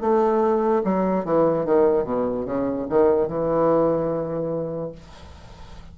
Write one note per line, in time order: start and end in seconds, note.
0.00 0.82 A3
0.84 1.24 F#3
1.24 1.65 E3
1.65 2.04 D#3
2.04 2.45 B2
2.45 2.86 C#3
2.89 3.28 D#3
3.28 4.92 E3